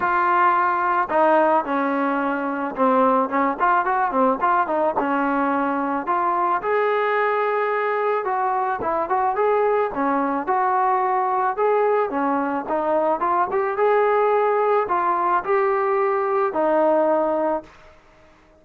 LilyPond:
\new Staff \with { instrumentName = "trombone" } { \time 4/4 \tempo 4 = 109 f'2 dis'4 cis'4~ | cis'4 c'4 cis'8 f'8 fis'8 c'8 | f'8 dis'8 cis'2 f'4 | gis'2. fis'4 |
e'8 fis'8 gis'4 cis'4 fis'4~ | fis'4 gis'4 cis'4 dis'4 | f'8 g'8 gis'2 f'4 | g'2 dis'2 | }